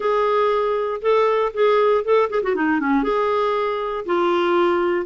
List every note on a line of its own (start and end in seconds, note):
0.00 1.01 G#4
1.01 1.52 A4
1.53 2.04 G#4
2.04 2.29 A4
2.30 2.42 G#4
2.42 2.55 F#4
2.55 2.80 D#4
2.80 3.03 C#4
3.03 4.05 G#4
4.05 5.06 F4